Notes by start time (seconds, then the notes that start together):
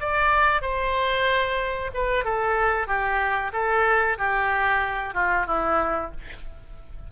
0.00 D5
0.62 C5
1.94 B4
2.25 A4
2.87 G4
3.53 A4
4.18 G4
5.14 F4
5.47 E4